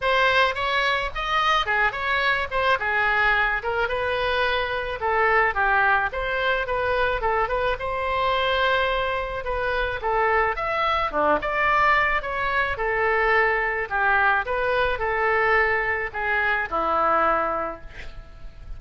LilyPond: \new Staff \with { instrumentName = "oboe" } { \time 4/4 \tempo 4 = 108 c''4 cis''4 dis''4 gis'8 cis''8~ | cis''8 c''8 gis'4. ais'8 b'4~ | b'4 a'4 g'4 c''4 | b'4 a'8 b'8 c''2~ |
c''4 b'4 a'4 e''4 | d'8 d''4. cis''4 a'4~ | a'4 g'4 b'4 a'4~ | a'4 gis'4 e'2 | }